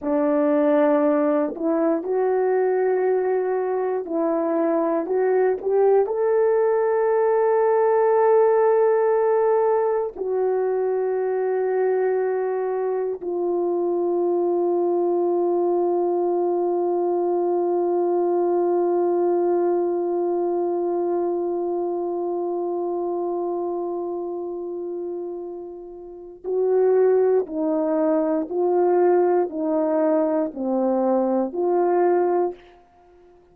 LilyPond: \new Staff \with { instrumentName = "horn" } { \time 4/4 \tempo 4 = 59 d'4. e'8 fis'2 | e'4 fis'8 g'8 a'2~ | a'2 fis'2~ | fis'4 f'2.~ |
f'1~ | f'1~ | f'2 fis'4 dis'4 | f'4 dis'4 c'4 f'4 | }